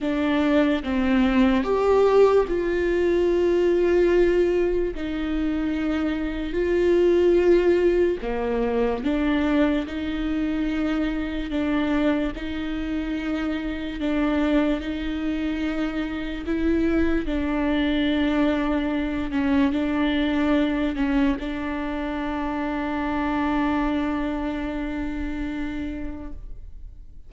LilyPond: \new Staff \with { instrumentName = "viola" } { \time 4/4 \tempo 4 = 73 d'4 c'4 g'4 f'4~ | f'2 dis'2 | f'2 ais4 d'4 | dis'2 d'4 dis'4~ |
dis'4 d'4 dis'2 | e'4 d'2~ d'8 cis'8 | d'4. cis'8 d'2~ | d'1 | }